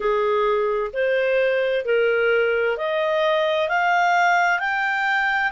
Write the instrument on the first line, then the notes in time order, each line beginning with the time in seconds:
clarinet
0.00 G#4
0.93 C5
1.85 A#4
2.77 D#5
3.68 F5
4.59 G5